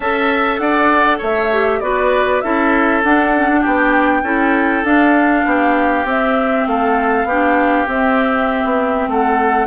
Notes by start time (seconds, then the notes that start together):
0.00 C#4 A4 E5 A5
0.57 D4 D5 F#5
1.17 A3 C#5 E5
1.52 G4
1.80 B3 F#4 B4 D5
2.41 C#4 E4 A4 E5
3.03 D4 F#5
3.35 C#4
3.49 D4
3.60 B3 G4 G5
4.22 C#4 E4 A4
4.83 D4 F5
5.45 B3 G4
6.04 C4 E5
6.66 A3 A4 F5
7.24 B3 G4
7.30 D4
7.86 C4 E5
8.64 B3
9.07 A3 A4 F#5